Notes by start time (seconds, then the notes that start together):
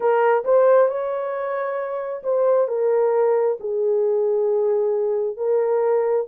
0.00 A#4
0.44 C5
0.88 C#5
2.23 C5
2.68 A#4
3.60 G#4
5.36 A#4